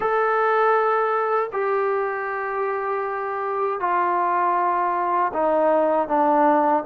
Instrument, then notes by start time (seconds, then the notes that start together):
trombone
0.00 A4
1.52 G4
3.80 F4
5.33 D#4
6.08 D4